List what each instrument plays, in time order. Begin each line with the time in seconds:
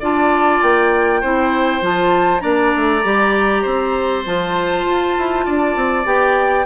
0.00 bassoon D4, clarinet F4, oboe D5, flute A5
0.62 bassoon A#3, flute G5
1.21 bassoon C4, clarinet E4, oboe C5
1.82 bassoon F3, clarinet F4, flute A5
2.40 bassoon A#3, clarinet D4, oboe D5, flute A#5
2.76 bassoon A3
3.03 bassoon G3, clarinet G4
3.63 bassoon C4, oboe C5
4.26 bassoon F3, clarinet F4, flute A5
4.86 bassoon F4
5.18 bassoon E4
5.46 bassoon D4, oboe D5
5.76 bassoon C4
6.05 bassoon B3, clarinet G4, flute G5